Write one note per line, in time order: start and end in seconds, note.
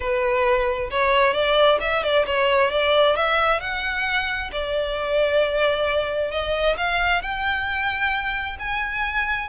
0.00 0.90 B4
0.90 1.33 C#5
1.33 1.78 D5
1.80 2.03 E5
2.03 2.25 D5
2.26 2.71 C#5
2.71 3.16 D5
3.16 3.60 E5
3.60 4.50 F#5
4.51 6.31 D5
6.31 6.76 D#5
6.77 7.21 F5
7.21 8.57 G5
8.59 9.49 G#5